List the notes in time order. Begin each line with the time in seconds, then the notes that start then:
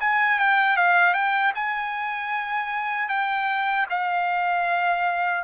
0.00 G#5
0.39 G5
0.76 F5
1.14 G5
1.55 G#5
3.09 G5
3.90 F5